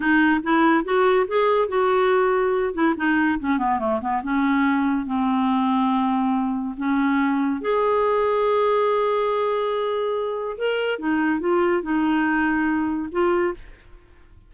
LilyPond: \new Staff \with { instrumentName = "clarinet" } { \time 4/4 \tempo 4 = 142 dis'4 e'4 fis'4 gis'4 | fis'2~ fis'8 e'8 dis'4 | cis'8 b8 a8 b8 cis'2 | c'1 |
cis'2 gis'2~ | gis'1~ | gis'4 ais'4 dis'4 f'4 | dis'2. f'4 | }